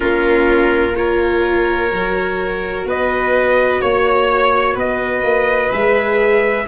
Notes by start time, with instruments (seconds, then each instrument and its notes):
0.00 tuba A#3, viola C#4, violin F4, trumpet A#4
0.95 viola F4, violin A#4, trumpet C#5
1.91 tuba F#3, viola F#4
2.85 tuba B3, violin B4, trumpet D#5
3.81 tuba A#3, violin C#5, trumpet C#5
4.74 tuba B3, violin B4, trumpet D#5
5.23 tuba A#3
5.70 tuba G#3, viola G#4, trumpet E5